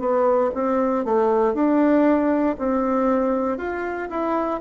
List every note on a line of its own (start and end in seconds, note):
0.00 0.51 B3
0.55 1.05 C4
1.05 1.54 A3
1.54 2.56 D4
2.59 3.58 C4
3.58 4.09 F4
4.10 4.61 E4